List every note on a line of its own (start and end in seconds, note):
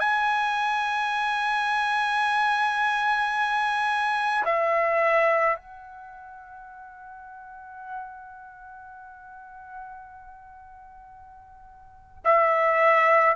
0.00 4.44 G#5
4.45 5.57 E5
5.57 12.23 F#5
12.25 13.36 E5